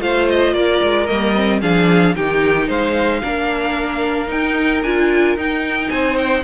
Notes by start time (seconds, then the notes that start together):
0.00 A3 F4 C5 F5
0.29 D#5
0.53 A#3 A#4 D5
0.82 G#3
1.06 G3 A#3 D#5
1.35 C4
1.61 F3 D4 G#4 F5
2.15 D#3 D#4 G4 G5
2.67 G#3 C5 F5
3.22 A#3 D4 A#4
4.27 D#4 G5
4.82 D4 F4 G#5
5.36 D#4 G5
5.89 C4 C5 G#5
6.17 G5